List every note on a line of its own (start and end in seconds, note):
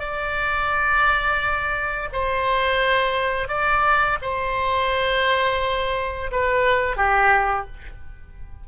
0.00 2.09 D5
2.13 3.49 C5
3.49 4.18 D5
4.22 6.32 C5
6.32 6.97 B4
6.97 7.67 G4